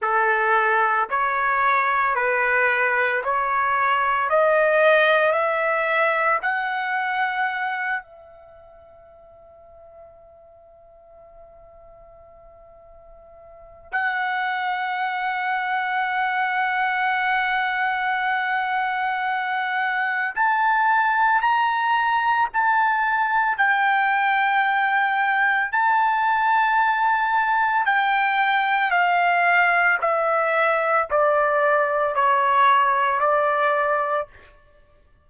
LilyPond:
\new Staff \with { instrumentName = "trumpet" } { \time 4/4 \tempo 4 = 56 a'4 cis''4 b'4 cis''4 | dis''4 e''4 fis''4. e''8~ | e''1~ | e''4 fis''2.~ |
fis''2. a''4 | ais''4 a''4 g''2 | a''2 g''4 f''4 | e''4 d''4 cis''4 d''4 | }